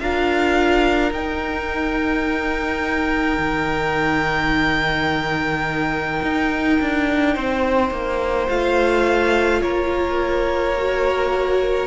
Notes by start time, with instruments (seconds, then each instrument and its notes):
0.00 cello D4, viola F4, violin A#4 F5
1.12 cello D#4, viola D#4, violin G5
3.39 cello D#3
6.23 cello D#4
6.81 cello D4
7.34 cello C4, violin C5
7.91 cello A#3
8.49 cello A3, viola F4, violin F5
9.62 cello A#3, violin A#4 C#5
10.78 viola F#4